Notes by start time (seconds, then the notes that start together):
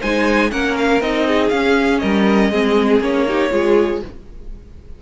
0.00 G#3 D#4 C5 G#5
0.51 A#3 C#4 A#4 F#5
0.77 F5
1.00 C4 D#4 D#5
1.27 G#4
1.49 C#4 F5
1.99 G3 A#4 D#5
2.50 G#3 C4 G#4
3.00 A#3 C#4 C#5
3.26 D#4 G4
3.50 G#3 F4 G#4